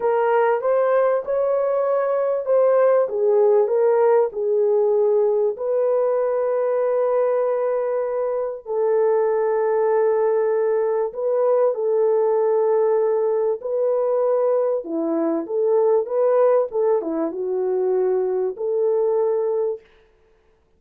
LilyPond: \new Staff \with { instrumentName = "horn" } { \time 4/4 \tempo 4 = 97 ais'4 c''4 cis''2 | c''4 gis'4 ais'4 gis'4~ | gis'4 b'2.~ | b'2 a'2~ |
a'2 b'4 a'4~ | a'2 b'2 | e'4 a'4 b'4 a'8 e'8 | fis'2 a'2 | }